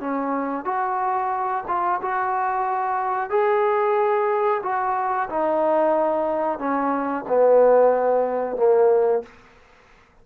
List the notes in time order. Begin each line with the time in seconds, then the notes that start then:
0.00 C#4
0.65 F#4
1.68 F4
2.02 F#4
3.30 G#4
4.63 F#4
5.30 D#4
6.59 C#4
7.29 B3
8.57 A#3